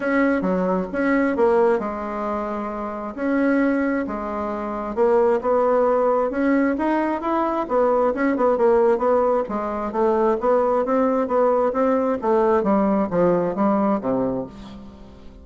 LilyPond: \new Staff \with { instrumentName = "bassoon" } { \time 4/4 \tempo 4 = 133 cis'4 fis4 cis'4 ais4 | gis2. cis'4~ | cis'4 gis2 ais4 | b2 cis'4 dis'4 |
e'4 b4 cis'8 b8 ais4 | b4 gis4 a4 b4 | c'4 b4 c'4 a4 | g4 f4 g4 c4 | }